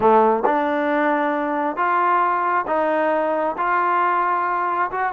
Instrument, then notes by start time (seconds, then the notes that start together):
trombone
0.00 A3
0.45 D4
1.76 F4
2.67 D#4
3.57 F4
4.91 F#4